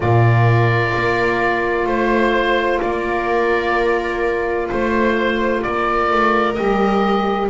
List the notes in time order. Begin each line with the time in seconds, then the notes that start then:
0.00 A#2 F4 A#4 D5
0.96 A#3
1.86 A3 C5
2.80 A#3 A#4 D5
4.68 A3 C5
5.62 A#3 A#4 D5
6.11 A3
6.53 G3 G4 D#5